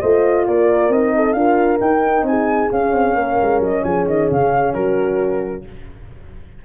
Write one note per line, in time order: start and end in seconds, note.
0.00 0.47 A3
0.00 0.92 F4
0.00 0.45 C5
0.00 0.46 D#5
0.47 0.89 A#3
0.47 1.16 A#4
0.47 0.92 D5
0.89 1.34 C4
0.89 1.35 D#4
0.89 1.33 D#5
1.16 1.37 A4
1.33 1.79 D4
1.33 1.80 F4
1.33 2.28 A#4
1.33 1.78 F5
1.81 2.23 D#4
1.81 2.71 D#4
1.81 2.26 G5
2.23 2.68 C4
2.23 2.71 G#5
2.29 3.19 G#4
2.71 5.65 C#4
2.71 2.92 C#4
2.71 3.62 F5
2.92 3.15 C4
3.15 3.37 A#3
3.15 3.85 A#4
3.42 3.60 G#3
3.60 3.82 F#3
3.60 3.84 D#5
3.84 4.05 F3
3.84 4.74 G#4
3.84 4.07 G#5
4.05 4.28 D#3
4.05 4.30 D#5
4.31 4.75 C#3
4.31 4.74 F5
4.74 5.65 F#3
4.74 5.64 F#4
4.74 5.64 A#4